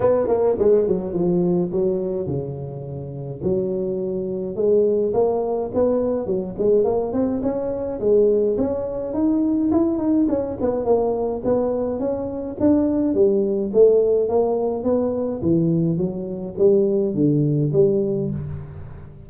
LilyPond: \new Staff \with { instrumentName = "tuba" } { \time 4/4 \tempo 4 = 105 b8 ais8 gis8 fis8 f4 fis4 | cis2 fis2 | gis4 ais4 b4 fis8 gis8 | ais8 c'8 cis'4 gis4 cis'4 |
dis'4 e'8 dis'8 cis'8 b8 ais4 | b4 cis'4 d'4 g4 | a4 ais4 b4 e4 | fis4 g4 d4 g4 | }